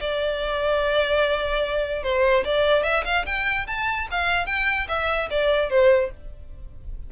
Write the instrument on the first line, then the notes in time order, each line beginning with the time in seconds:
violin
0.00 D5
2.03 C5
2.44 D5
2.83 E5
3.05 F5
3.26 G5
3.67 A5
4.11 F5
4.46 G5
4.88 E5
5.30 D5
5.70 C5